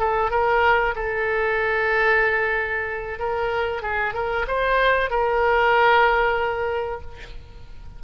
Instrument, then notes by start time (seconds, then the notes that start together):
oboe
0.00 A4
0.31 A#4
0.96 A4
3.19 A#4
3.83 G#4
4.14 A#4
4.48 C5
5.11 A#4